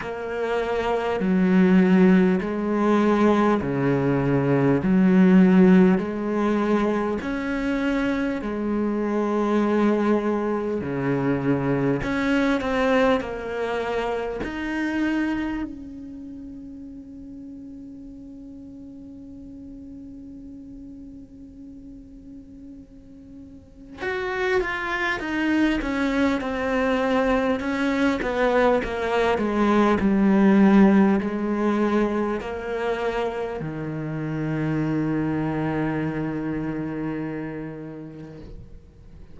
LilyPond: \new Staff \with { instrumentName = "cello" } { \time 4/4 \tempo 4 = 50 ais4 fis4 gis4 cis4 | fis4 gis4 cis'4 gis4~ | gis4 cis4 cis'8 c'8 ais4 | dis'4 cis'2.~ |
cis'1 | fis'8 f'8 dis'8 cis'8 c'4 cis'8 b8 | ais8 gis8 g4 gis4 ais4 | dis1 | }